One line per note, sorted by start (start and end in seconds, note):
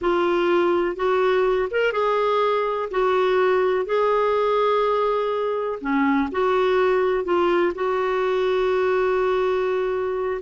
0.01 0.96 F4
0.96 1.68 F#4
1.71 1.92 A#4
1.92 2.89 G#4
2.91 3.85 F#4
3.85 5.79 G#4
5.80 6.29 C#4
6.31 7.24 F#4
7.24 7.72 F4
7.75 10.41 F#4